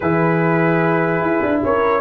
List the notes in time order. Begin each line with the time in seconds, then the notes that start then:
0.00 E3 E4 G#4 B4
1.21 E4
1.42 D4
1.63 C#4 A#4 C#5